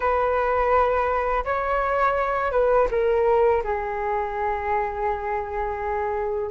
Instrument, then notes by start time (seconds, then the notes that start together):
flute
0.00 B4
1.44 C#5
2.51 B4
2.90 A#4
3.63 G#4